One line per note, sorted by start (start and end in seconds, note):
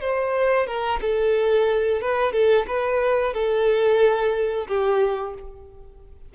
0.00 0.66 C5
0.66 1.00 A#4
1.01 2.01 A4
2.01 2.32 B4
2.32 2.65 A4
2.67 3.33 B4
3.33 4.67 A4
4.67 5.34 G4